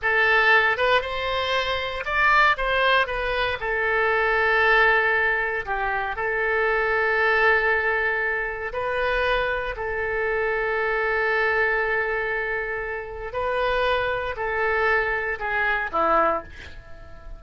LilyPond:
\new Staff \with { instrumentName = "oboe" } { \time 4/4 \tempo 4 = 117 a'4. b'8 c''2 | d''4 c''4 b'4 a'4~ | a'2. g'4 | a'1~ |
a'4 b'2 a'4~ | a'1~ | a'2 b'2 | a'2 gis'4 e'4 | }